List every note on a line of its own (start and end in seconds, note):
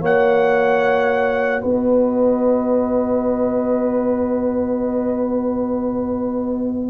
0.00 1.62 A#3
0.00 6.89 F#4
0.00 1.61 C#5
0.00 1.62 F#5
1.61 6.89 B3
1.61 6.89 B4
1.61 6.89 D#5